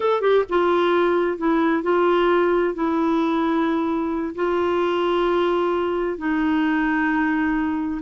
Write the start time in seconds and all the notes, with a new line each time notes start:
0.00 A4
0.21 G4
0.49 F4
1.37 E4
1.82 F4
2.74 E4
4.35 F4
6.17 D#4